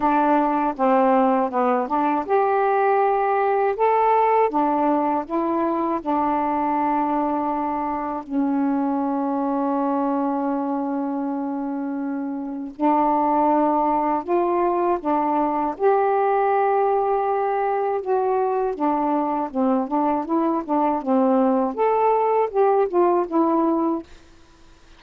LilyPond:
\new Staff \with { instrumentName = "saxophone" } { \time 4/4 \tempo 4 = 80 d'4 c'4 b8 d'8 g'4~ | g'4 a'4 d'4 e'4 | d'2. cis'4~ | cis'1~ |
cis'4 d'2 f'4 | d'4 g'2. | fis'4 d'4 c'8 d'8 e'8 d'8 | c'4 a'4 g'8 f'8 e'4 | }